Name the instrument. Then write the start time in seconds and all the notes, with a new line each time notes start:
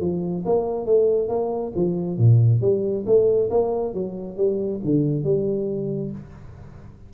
tuba
0.00 F3
0.45 A#3
0.86 A3
1.28 A#3
1.75 F3
2.17 A#2
2.61 G3
3.06 A3
3.50 A#3
3.94 F#3
4.37 G3
4.84 D3
5.23 G3